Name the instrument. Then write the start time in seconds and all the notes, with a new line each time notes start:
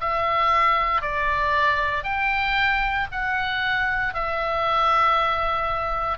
oboe
0.00 E5
1.01 D5
2.03 G5
3.11 F#5
4.13 E5